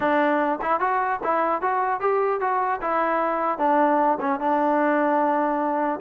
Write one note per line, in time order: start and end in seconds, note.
0.00 0.59 D4
0.61 0.79 E4
0.79 1.19 F#4
1.23 1.61 E4
1.61 2.00 F#4
2.00 2.40 G4
2.40 2.80 F#4
2.81 3.58 E4
3.58 4.18 D4
4.20 4.40 C#4
4.40 6.00 D4